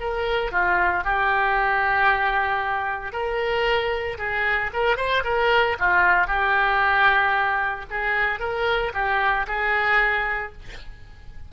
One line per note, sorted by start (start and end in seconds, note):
0.00 0.51 A#4
0.51 1.04 F4
1.04 3.12 G4
3.12 4.18 A#4
4.18 4.71 G#4
4.73 4.97 A#4
4.97 5.23 C5
5.24 5.77 A#4
5.79 6.27 F4
6.27 7.85 G4
7.90 8.40 G#4
8.40 8.92 A#4
8.93 9.46 G4
9.47 10.53 G#4